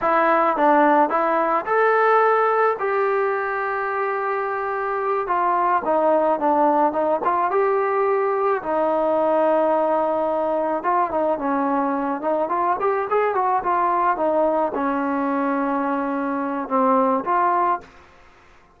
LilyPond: \new Staff \with { instrumentName = "trombone" } { \time 4/4 \tempo 4 = 108 e'4 d'4 e'4 a'4~ | a'4 g'2.~ | g'4. f'4 dis'4 d'8~ | d'8 dis'8 f'8 g'2 dis'8~ |
dis'2.~ dis'8 f'8 | dis'8 cis'4. dis'8 f'8 g'8 gis'8 | fis'8 f'4 dis'4 cis'4.~ | cis'2 c'4 f'4 | }